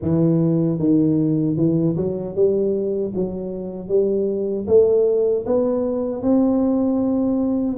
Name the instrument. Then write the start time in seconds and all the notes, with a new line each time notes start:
tuba
0.01 E3
0.79 D#3
1.57 E3
1.96 F#3
2.35 G3
3.15 F#3
3.88 G3
4.67 A3
5.46 B3
6.21 C4